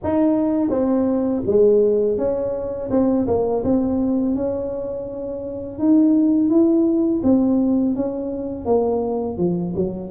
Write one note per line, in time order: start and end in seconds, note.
0.03 0.70 D#4
0.70 1.42 C4
1.46 2.17 G#3
2.17 2.89 C#4
2.90 3.26 C4
3.27 3.63 A#3
3.63 4.35 C4
4.35 5.78 C#4
5.78 6.49 D#4
6.49 7.21 E4
7.23 7.95 C4
7.95 8.65 C#4
8.65 9.37 A#3
9.37 9.73 F3
9.75 10.10 F#3